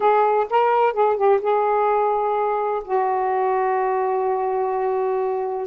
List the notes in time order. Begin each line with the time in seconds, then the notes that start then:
0.00 G#4
0.50 A#4
0.93 G#4
1.16 G4
1.41 G#4
2.84 F#4